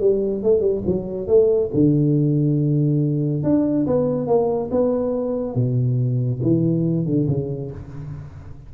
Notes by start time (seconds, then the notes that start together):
0.00 G3
0.43 A3
0.60 G3
0.86 F#3
1.27 A3
1.74 D3
3.43 D4
3.86 B3
4.27 A#3
4.71 B3
5.55 B2
6.42 E3
7.06 D3
7.28 C#3